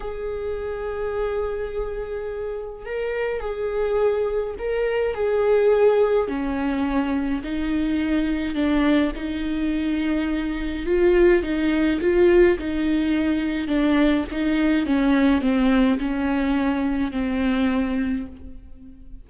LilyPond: \new Staff \with { instrumentName = "viola" } { \time 4/4 \tempo 4 = 105 gis'1~ | gis'4 ais'4 gis'2 | ais'4 gis'2 cis'4~ | cis'4 dis'2 d'4 |
dis'2. f'4 | dis'4 f'4 dis'2 | d'4 dis'4 cis'4 c'4 | cis'2 c'2 | }